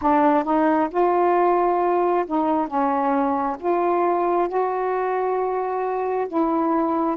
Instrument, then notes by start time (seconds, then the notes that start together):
saxophone
0.01 D4
0.44 D#4
0.90 F4
2.26 D#4
2.67 C#4
3.59 F4
4.48 F#4
6.28 E4